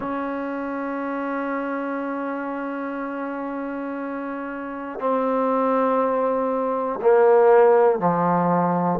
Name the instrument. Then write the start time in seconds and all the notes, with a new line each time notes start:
trombone
0.00 C#4
5.00 C4
7.01 A#3
8.00 F3